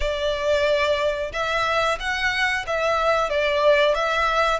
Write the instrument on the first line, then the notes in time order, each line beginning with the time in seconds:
violin
0.00 D5
1.32 E5
1.99 F#5
2.66 E5
3.29 D5
3.94 E5